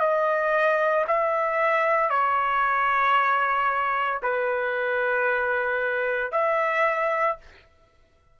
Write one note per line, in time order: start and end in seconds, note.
0.00 1.05 D#5
1.08 2.10 E5
2.10 4.21 C#5
4.23 6.32 B4
6.32 7.37 E5